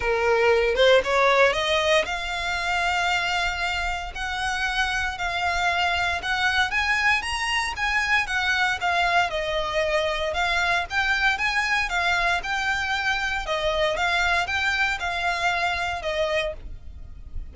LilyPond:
\new Staff \with { instrumentName = "violin" } { \time 4/4 \tempo 4 = 116 ais'4. c''8 cis''4 dis''4 | f''1 | fis''2 f''2 | fis''4 gis''4 ais''4 gis''4 |
fis''4 f''4 dis''2 | f''4 g''4 gis''4 f''4 | g''2 dis''4 f''4 | g''4 f''2 dis''4 | }